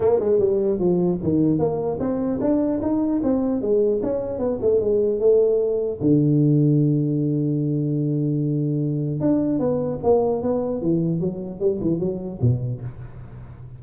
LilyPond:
\new Staff \with { instrumentName = "tuba" } { \time 4/4 \tempo 4 = 150 ais8 gis8 g4 f4 dis4 | ais4 c'4 d'4 dis'4 | c'4 gis4 cis'4 b8 a8 | gis4 a2 d4~ |
d1~ | d2. d'4 | b4 ais4 b4 e4 | fis4 g8 e8 fis4 b,4 | }